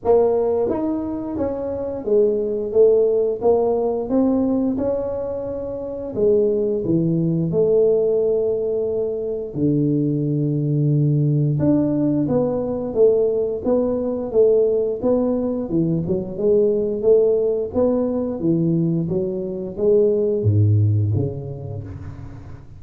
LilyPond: \new Staff \with { instrumentName = "tuba" } { \time 4/4 \tempo 4 = 88 ais4 dis'4 cis'4 gis4 | a4 ais4 c'4 cis'4~ | cis'4 gis4 e4 a4~ | a2 d2~ |
d4 d'4 b4 a4 | b4 a4 b4 e8 fis8 | gis4 a4 b4 e4 | fis4 gis4 gis,4 cis4 | }